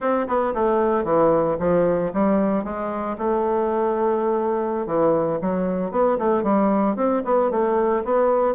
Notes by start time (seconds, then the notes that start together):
0.00 C4
0.27 B3
0.54 A3
1.04 E3
1.59 F3
2.13 G3
2.63 G#3
3.18 A3
4.86 E3
5.41 F#3
5.91 B3
6.18 A3
6.43 G3
6.96 C4
7.24 B3
7.50 A3
8.04 B3